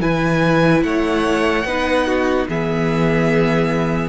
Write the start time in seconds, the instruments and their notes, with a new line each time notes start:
0.00 cello E3, viola E4, violin B4 G#5
0.83 cello A3, violin C#5 F#5
1.64 cello B3, viola D#4, violin B4
2.06 violin F#4
2.48 cello E3, viola B3, violin G#4 E5